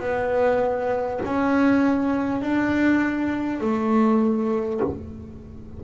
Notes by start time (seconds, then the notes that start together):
0.00 B3
1.25 C#4
2.42 D4
3.61 A3